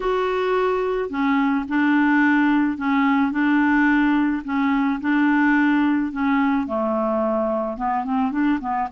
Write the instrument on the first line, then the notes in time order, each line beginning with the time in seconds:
clarinet
0.00 F#4
1.09 C#4
1.68 D4
2.77 C#4
3.31 D4
4.44 C#4
5.01 D4
6.11 C#4
6.67 A3
7.77 B3
8.04 C4
8.31 D4
8.60 B3